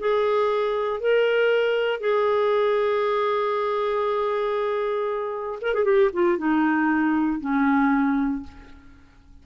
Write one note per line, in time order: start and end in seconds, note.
0.00 1.00 G#4
1.00 2.01 A#4
2.01 5.60 G#4
5.62 5.75 A#4
5.75 5.85 G#4
5.85 6.11 G4
6.14 6.38 F4
6.38 7.41 D#4
7.41 8.43 C#4